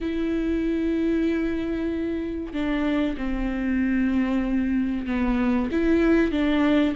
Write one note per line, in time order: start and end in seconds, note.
0.00 2.53 E4
2.53 3.16 D4
3.17 5.06 C4
5.06 5.69 B3
5.71 6.31 E4
6.31 6.94 D4